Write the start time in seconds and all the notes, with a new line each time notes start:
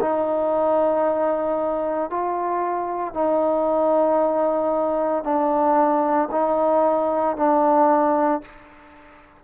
0.00 D#4
2.10 F4
3.14 D#4
5.23 D4
6.31 D#4
7.36 D4